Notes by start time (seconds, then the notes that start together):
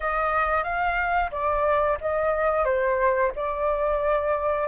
0.00 D#5
0.63 F5
1.31 D5
2.01 D#5
2.65 C5
3.35 D5